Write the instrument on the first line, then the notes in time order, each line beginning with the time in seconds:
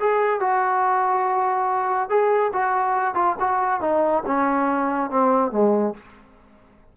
trombone
0.00 G#4
0.40 F#4
2.10 G#4
2.53 F#4
3.15 F4
3.40 F#4
3.81 D#4
4.26 C#4
5.10 C4
5.52 G#3